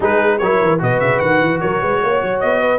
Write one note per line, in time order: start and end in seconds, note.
0.00 0.40 G#3
0.00 0.40 D#4
0.00 0.38 G#4
0.00 0.38 B4
0.38 0.60 F#3
0.38 0.79 E4
0.38 0.81 A#4
0.38 0.78 C#5
0.61 0.81 E3
0.79 1.00 B2
0.79 2.78 F#4
0.79 1.61 B4
0.79 1.00 D#5
1.00 1.20 C#3
1.00 1.19 E5
1.19 1.41 D#3
1.19 1.59 F#5
1.41 1.61 E3
1.60 1.82 F#3
1.60 1.80 A#4
1.60 2.40 C#5
1.80 2.02 G#3
1.80 2.01 B4
2.02 2.22 A#3
2.02 2.61 C#5
2.22 2.42 F#3
2.40 2.78 B3
2.40 2.78 D#5
2.61 2.78 B4